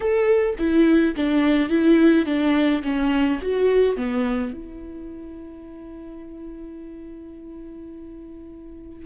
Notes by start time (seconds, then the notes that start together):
0.00 A4
0.58 E4
1.16 D4
1.69 E4
2.25 D4
2.83 C#4
3.41 F#4
3.96 B3
4.53 E4